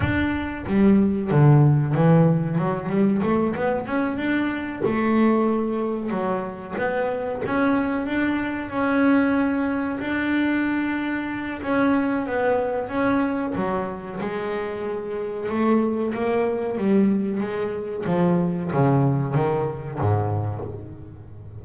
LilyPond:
\new Staff \with { instrumentName = "double bass" } { \time 4/4 \tempo 4 = 93 d'4 g4 d4 e4 | fis8 g8 a8 b8 cis'8 d'4 a8~ | a4. fis4 b4 cis'8~ | cis'8 d'4 cis'2 d'8~ |
d'2 cis'4 b4 | cis'4 fis4 gis2 | a4 ais4 g4 gis4 | f4 cis4 dis4 gis,4 | }